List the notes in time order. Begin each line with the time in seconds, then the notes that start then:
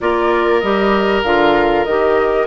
0.00 A#3 F4 A#4 D5
0.60 G3 G4 D#5
1.23 D3 F4 F5
1.84 D#3 G4 D#5